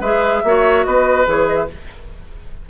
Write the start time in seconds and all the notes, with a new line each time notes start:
0.00 G#3 G#4 B4 E5
0.43 A#3 F#4 C#5
0.84 B3 B4 D#5
1.25 E3 G#4 C#5
1.47 D#5
1.56 E5